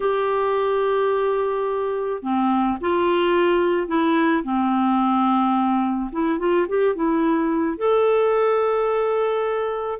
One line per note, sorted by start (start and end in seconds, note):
0.00 2.22 G4
2.22 2.78 C4
2.81 3.87 F4
3.87 4.43 E4
4.43 6.10 C4
6.12 6.39 E4
6.39 6.66 F4
6.68 6.95 G4
6.95 7.77 E4
7.77 9.99 A4